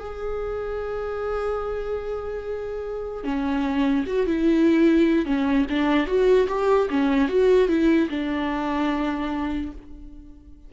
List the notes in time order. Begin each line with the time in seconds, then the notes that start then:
0.00 G#4
3.24 C#4
4.07 F#4
4.26 E4
5.26 C#4
5.70 D4
6.07 F#4
6.48 G4
6.90 C#4
7.29 F#4
7.68 E4
8.10 D4